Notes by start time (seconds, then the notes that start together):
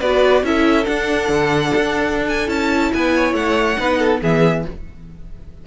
0.00 B3 F#4 B4 D5
0.43 C#4 E4 A4 E5
0.85 D4 F#5
1.29 D3
1.76 D4
2.29 G#5
2.46 C#4 E4 A5
2.92 B3 B4 G#5
3.16 C#5
3.34 A3 F#5
3.78 B3 D#4 B4
3.99 A4
4.21 E3 B3 G#4 E5